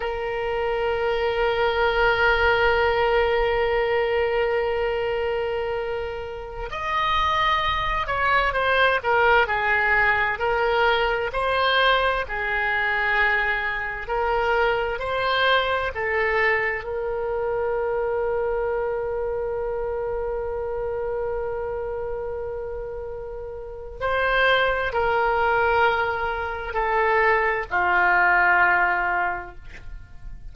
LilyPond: \new Staff \with { instrumentName = "oboe" } { \time 4/4 \tempo 4 = 65 ais'1~ | ais'2.~ ais'16 dis''8.~ | dis''8. cis''8 c''8 ais'8 gis'4 ais'8.~ | ais'16 c''4 gis'2 ais'8.~ |
ais'16 c''4 a'4 ais'4.~ ais'16~ | ais'1~ | ais'2 c''4 ais'4~ | ais'4 a'4 f'2 | }